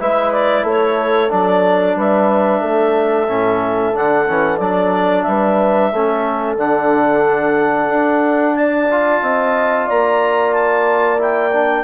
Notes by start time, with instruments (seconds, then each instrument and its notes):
0.00 bassoon G#3, trombone E4, horn B4, clarinet E5
0.32 clarinet D5
0.64 bassoon A3, horn A4, clarinet C#5
1.30 bassoon F#3, trombone D4, clarinet D5
1.96 bassoon G3, horn B4, clarinet E5
2.62 bassoon A3, horn A4
3.28 bassoon A2, trombone C#4
3.94 bassoon D3, trombone D4, clarinet F#5
4.27 bassoon E3, trombone C#4
4.58 bassoon F#3, trombone D4, clarinet D5
5.23 bassoon G3, horn B4, clarinet E5
5.93 bassoon A3, trombone C#4, horn A4
6.57 bassoon D3, trombone D4, clarinet F#5
7.90 bassoon D4
8.56 horn D5, clarinet A5
8.92 trombone F4
9.22 bassoon C4, horn D#5
9.87 bassoon A#3, horn D5, clarinet A#5
10.54 clarinet A5
11.19 trombone E4, clarinet G5
11.53 trombone D4